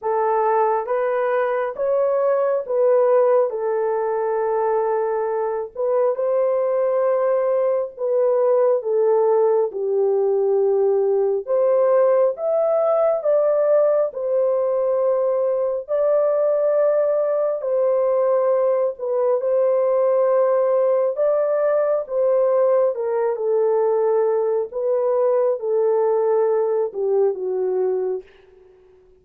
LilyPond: \new Staff \with { instrumentName = "horn" } { \time 4/4 \tempo 4 = 68 a'4 b'4 cis''4 b'4 | a'2~ a'8 b'8 c''4~ | c''4 b'4 a'4 g'4~ | g'4 c''4 e''4 d''4 |
c''2 d''2 | c''4. b'8 c''2 | d''4 c''4 ais'8 a'4. | b'4 a'4. g'8 fis'4 | }